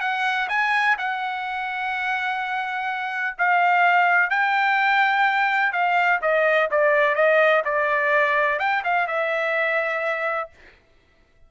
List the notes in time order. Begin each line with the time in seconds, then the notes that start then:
0.00 F#5
0.48 G#5
0.97 F#5
3.38 F5
4.29 G5
5.72 F5
6.21 D#5
6.70 D5
7.15 D#5
7.64 D5
8.59 G5
8.84 F5
9.07 E5